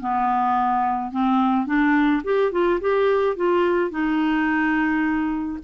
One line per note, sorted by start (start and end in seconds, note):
0.00 1.11 B3
1.11 1.66 C4
1.66 2.22 D4
2.24 2.52 G4
2.52 2.80 F4
2.81 3.36 G4
3.36 3.90 F4
3.90 5.59 D#4